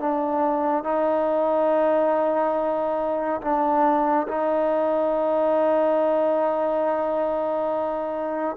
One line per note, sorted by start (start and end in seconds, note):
0.00 0.84 D4
0.84 3.41 D#4
3.42 4.27 D4
4.28 8.57 D#4